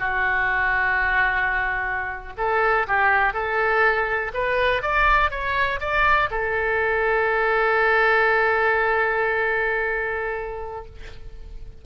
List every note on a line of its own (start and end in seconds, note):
0.00 2.33 F#4
2.38 2.87 A4
2.88 3.34 G4
3.34 4.32 A4
4.34 4.83 B4
4.83 5.31 D5
5.31 5.80 C#5
5.81 6.30 D5
6.31 10.86 A4